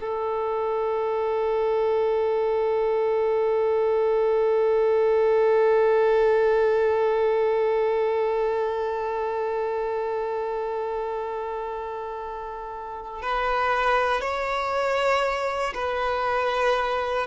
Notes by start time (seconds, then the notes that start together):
0.00 A4
13.22 B4
14.20 C#5
15.74 B4